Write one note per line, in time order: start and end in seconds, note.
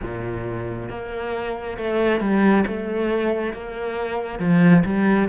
0.02 0.89 A#2
0.89 1.77 A#3
1.77 2.20 A3
2.20 2.64 G3
2.67 3.53 A3
3.53 4.39 A#3
4.39 4.83 F3
4.84 5.28 G3